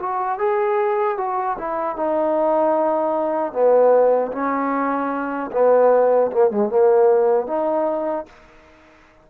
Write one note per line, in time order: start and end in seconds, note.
0.00 0.39 F#4
0.39 1.18 G#4
1.18 1.57 F#4
1.59 1.97 E4
1.97 3.53 D#4
3.53 4.32 B3
4.32 5.51 C#4
5.52 6.31 B3
6.32 6.51 A#3
6.51 6.70 G#3
6.70 7.47 A#3
7.47 8.26 D#4